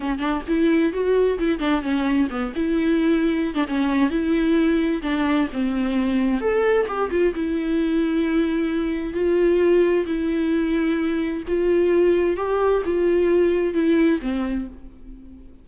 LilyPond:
\new Staff \with { instrumentName = "viola" } { \time 4/4 \tempo 4 = 131 cis'8 d'8 e'4 fis'4 e'8 d'8 | cis'4 b8 e'2~ e'16 d'16 | cis'4 e'2 d'4 | c'2 a'4 g'8 f'8 |
e'1 | f'2 e'2~ | e'4 f'2 g'4 | f'2 e'4 c'4 | }